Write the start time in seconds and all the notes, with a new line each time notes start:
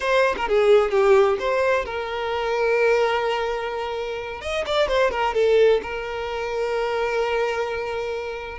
0.00 C5
0.36 A#4
0.48 G#4
0.90 G4
1.39 C5
1.85 A#4
4.41 D#5
4.66 D5
4.87 C5
5.11 A#4
5.34 A4
5.82 A#4